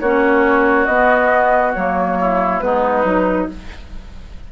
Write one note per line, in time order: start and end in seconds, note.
0.00 0.87 A#3
0.00 0.89 C#4
0.00 2.18 F#4
0.00 0.86 C#5
0.86 1.74 B3
0.86 1.76 B3
0.86 1.72 D#5
1.74 2.61 F#3
1.74 2.62 A#3
1.74 2.60 C#5
2.20 2.64 E4
2.60 3.05 G#3
2.60 3.05 B3
2.60 3.52 D#4
2.60 3.47 B4
3.05 3.48 F#3
3.05 3.49 D#4